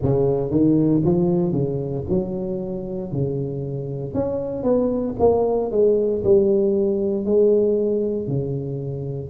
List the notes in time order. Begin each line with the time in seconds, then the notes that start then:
0.02 C#3
0.50 D#3
1.04 F3
1.52 C#3
2.09 F#3
3.11 C#3
4.14 C#4
4.63 B3
5.19 A#3
5.71 G#3
6.24 G3
7.25 G#3
8.27 C#3